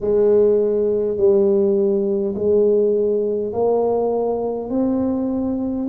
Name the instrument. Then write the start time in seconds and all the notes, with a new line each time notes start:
tuba
0.00 G#3
1.17 G3
2.35 G#3
3.52 A#3
4.70 C4